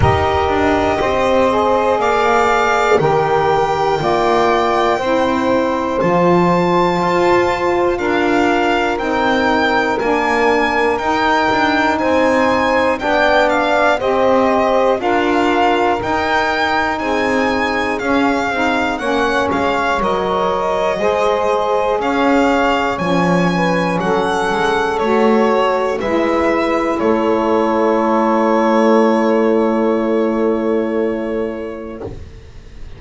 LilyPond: <<
  \new Staff \with { instrumentName = "violin" } { \time 4/4 \tempo 4 = 60 dis''2 f''4 g''4~ | g''2 a''2 | f''4 g''4 gis''4 g''4 | gis''4 g''8 f''8 dis''4 f''4 |
g''4 gis''4 f''4 fis''8 f''8 | dis''2 f''4 gis''4 | fis''4 cis''4 e''4 cis''4~ | cis''1 | }
  \new Staff \with { instrumentName = "saxophone" } { \time 4/4 ais'4 c''4 d''4 ais'4 | d''4 c''2. | ais'1 | c''4 d''4 c''4 ais'4~ |
ais'4 gis'2 cis''4~ | cis''4 c''4 cis''4. b'8 | a'2 b'4 a'4~ | a'1 | }
  \new Staff \with { instrumentName = "saxophone" } { \time 4/4 g'4. gis'4. g'4 | f'4 e'4 f'2~ | f'4 dis'4 d'4 dis'4~ | dis'4 d'4 g'4 f'4 |
dis'2 cis'8 dis'8 cis'4 | ais'4 gis'2 cis'4~ | cis'4 fis'4 e'2~ | e'1 | }
  \new Staff \with { instrumentName = "double bass" } { \time 4/4 dis'8 d'8 c'4 ais4 dis4 | ais4 c'4 f4 f'4 | d'4 c'4 ais4 dis'8 d'8 | c'4 b4 c'4 d'4 |
dis'4 c'4 cis'8 c'8 ais8 gis8 | fis4 gis4 cis'4 f4 | fis8 gis8 a4 gis4 a4~ | a1 | }
>>